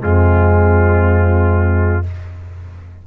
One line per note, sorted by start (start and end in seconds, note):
0.00 2.07 F2
0.00 2.03 G#3
0.00 2.05 C4
0.00 2.06 F4